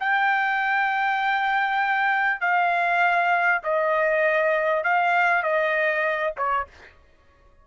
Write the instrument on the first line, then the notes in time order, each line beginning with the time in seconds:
trumpet
0.00 G5
2.41 F5
3.64 D#5
4.84 F5
5.43 D#5
6.37 C#5